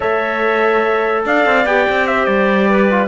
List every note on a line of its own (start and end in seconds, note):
0.00 1.25 A3
0.00 1.64 A4
0.00 1.23 C#5
0.00 1.24 E5
1.25 1.45 D4
1.25 2.08 D5
1.25 1.66 F5
1.45 1.66 C4
1.66 1.86 B3
1.66 2.90 G4
1.66 2.07 G5
1.89 2.27 C4
2.07 2.69 C5
2.07 2.25 E5
2.25 3.07 G3
2.25 3.07 D5
2.69 3.07 B4
2.90 3.07 F4